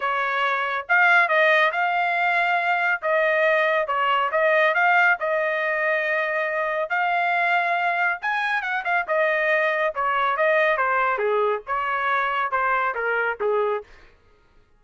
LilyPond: \new Staff \with { instrumentName = "trumpet" } { \time 4/4 \tempo 4 = 139 cis''2 f''4 dis''4 | f''2. dis''4~ | dis''4 cis''4 dis''4 f''4 | dis''1 |
f''2. gis''4 | fis''8 f''8 dis''2 cis''4 | dis''4 c''4 gis'4 cis''4~ | cis''4 c''4 ais'4 gis'4 | }